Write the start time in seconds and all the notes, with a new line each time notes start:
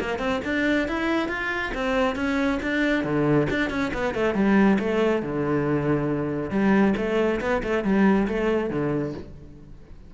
0.00 A#3
0.19 C4
0.44 D4
0.88 E4
1.28 F4
1.74 C4
2.16 C#4
2.62 D4
3.04 D3
3.50 D4
3.70 C#4
3.94 B3
4.14 A3
4.34 G3
4.79 A3
5.22 D3
6.51 G3
6.97 A3
7.41 B3
7.63 A3
7.84 G3
8.27 A3
8.70 D3